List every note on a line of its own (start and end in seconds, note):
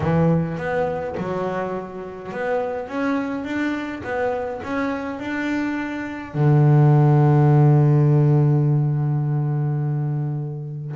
0.00 0.57 E3
0.57 1.15 B3
1.17 2.32 F#3
2.32 2.88 B3
2.88 3.44 C#4
3.44 4.01 D4
4.03 4.61 B3
4.63 5.19 C#4
5.19 6.34 D4
6.34 10.95 D3